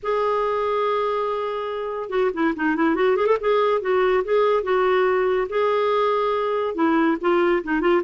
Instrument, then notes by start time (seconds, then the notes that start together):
clarinet
0.02 G#4
2.09 F#4
2.33 E4
2.56 D#4
2.75 E4
2.95 F#4
3.16 G#4
3.26 A4
3.40 G#4
3.81 F#4
4.24 G#4
4.63 F#4
5.49 G#4
6.75 E4
7.20 F4
7.63 D#4
7.81 F4